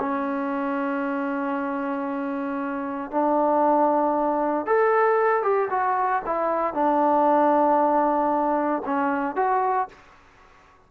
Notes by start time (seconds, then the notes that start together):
0.00 C#4
3.11 D4
4.67 A4
5.43 G4
5.71 F#4
6.26 E4
6.74 D4
8.86 C#4
9.36 F#4